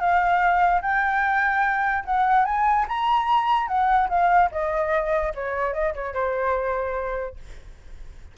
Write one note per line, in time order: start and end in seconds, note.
0.00 0.82 F5
0.82 2.04 G5
2.05 2.45 F#5
2.45 2.86 G#5
2.88 3.68 A#5
3.68 4.08 F#5
4.09 4.50 F5
4.52 5.33 D#5
5.35 5.73 C#5
5.73 5.94 D#5
5.94 6.14 C#5
6.14 7.36 C5